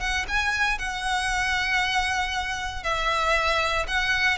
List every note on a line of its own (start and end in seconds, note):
0.00 0.26 F#5
0.28 0.78 G#5
0.78 2.83 F#5
2.83 3.86 E5
3.87 4.38 F#5